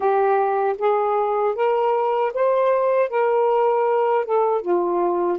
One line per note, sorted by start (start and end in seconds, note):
0.00 0.76 G4
0.78 1.55 G#4
1.55 2.32 A#4
2.33 3.09 C5
3.09 4.25 A#4
4.25 4.61 A4
4.61 5.38 F4